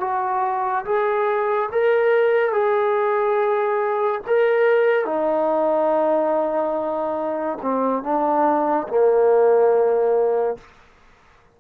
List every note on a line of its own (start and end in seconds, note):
0.00 0.85 F#4
0.85 1.69 G#4
1.72 2.52 A#4
2.52 4.21 G#4
4.27 5.05 A#4
5.05 7.58 D#4
7.62 8.03 C4
8.03 8.87 D4
8.88 10.57 A#3